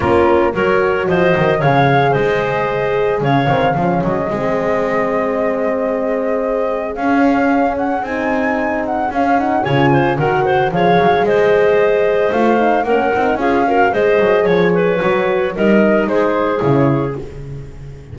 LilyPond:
<<
  \new Staff \with { instrumentName = "flute" } { \time 4/4 \tempo 4 = 112 ais'4 cis''4 dis''4 f''4 | dis''2 f''4. dis''8~ | dis''1~ | dis''4 f''4. fis''8 gis''4~ |
gis''8 fis''8 f''8 fis''8 gis''4 fis''4 | f''4 dis''2 f''4 | fis''4 f''4 dis''4 cis''4~ | cis''4 dis''4 c''4 cis''4 | }
  \new Staff \with { instrumentName = "clarinet" } { \time 4/4 f'4 ais'4 c''4 cis''4 | c''2 cis''4 gis'4~ | gis'1~ | gis'1~ |
gis'2 cis''8 c''8 ais'8 c''8 | cis''4 c''2. | ais'4 gis'8 ais'8 c''4 cis''8 b'8~ | b'4 ais'4 gis'2 | }
  \new Staff \with { instrumentName = "horn" } { \time 4/4 cis'4 fis'2 gis'4~ | gis'2~ gis'8 c'8 cis'4 | c'1~ | c'4 cis'2 dis'4~ |
dis'4 cis'8 dis'8 f'4 fis'4 | gis'2. f'8 dis'8 | cis'8 dis'8 f'8 fis'8 gis'2 | fis'4 dis'2 e'4 | }
  \new Staff \with { instrumentName = "double bass" } { \time 4/4 ais4 fis4 f8 dis8 cis4 | gis2 cis8 dis8 f8 fis8 | gis1~ | gis4 cis'2 c'4~ |
c'4 cis'4 cis4 dis4 | f8 fis8 gis2 a4 | ais8 c'8 cis'4 gis8 fis8 f4 | fis4 g4 gis4 cis4 | }
>>